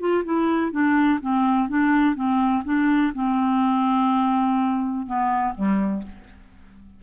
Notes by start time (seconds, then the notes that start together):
0.00 F4
0.25 E4
0.72 D4
1.21 C4
1.69 D4
2.15 C4
2.65 D4
3.14 C4
5.07 B3
5.55 G3